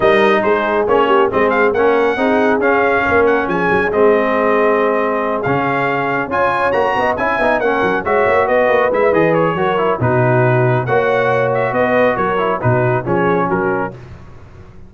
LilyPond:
<<
  \new Staff \with { instrumentName = "trumpet" } { \time 4/4 \tempo 4 = 138 dis''4 c''4 cis''4 dis''8 f''8 | fis''2 f''4. fis''8 | gis''4 dis''2.~ | dis''8 f''2 gis''4 ais''8~ |
ais''8 gis''4 fis''4 e''4 dis''8~ | dis''8 e''8 dis''8 cis''4. b'4~ | b'4 fis''4. e''8 dis''4 | cis''4 b'4 cis''4 ais'4 | }
  \new Staff \with { instrumentName = "horn" } { \time 4/4 ais'4 gis'4. g'8 gis'4 | ais'4 gis'2 ais'4 | gis'1~ | gis'2~ gis'8 cis''4. |
dis''8 e''4 ais'4 cis''4 b'8~ | b'2 ais'4 fis'4~ | fis'4 cis''2 b'4 | ais'4 fis'4 gis'4 fis'4 | }
  \new Staff \with { instrumentName = "trombone" } { \time 4/4 dis'2 cis'4 c'4 | cis'4 dis'4 cis'2~ | cis'4 c'2.~ | c'8 cis'2 f'4 fis'8~ |
fis'8 e'8 dis'8 cis'4 fis'4.~ | fis'8 e'8 gis'4 fis'8 e'8 dis'4~ | dis'4 fis'2.~ | fis'8 e'8 dis'4 cis'2 | }
  \new Staff \with { instrumentName = "tuba" } { \time 4/4 g4 gis4 ais4 gis4 | ais4 c'4 cis'4 ais4 | f8 fis8 gis2.~ | gis8 cis2 cis'4 ais8 |
b8 cis'8 b8 ais8 fis8 gis8 ais8 b8 | ais8 gis8 e4 fis4 b,4~ | b,4 ais2 b4 | fis4 b,4 f4 fis4 | }
>>